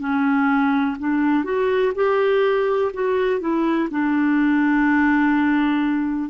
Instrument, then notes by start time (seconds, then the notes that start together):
clarinet
0.00 C#4
0.99 D4
1.44 F#4
1.95 G4
2.93 F#4
3.40 E4
3.91 D4